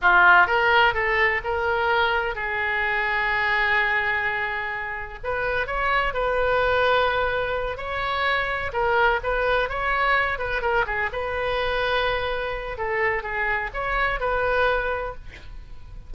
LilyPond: \new Staff \with { instrumentName = "oboe" } { \time 4/4 \tempo 4 = 127 f'4 ais'4 a'4 ais'4~ | ais'4 gis'2.~ | gis'2. b'4 | cis''4 b'2.~ |
b'8 cis''2 ais'4 b'8~ | b'8 cis''4. b'8 ais'8 gis'8 b'8~ | b'2. a'4 | gis'4 cis''4 b'2 | }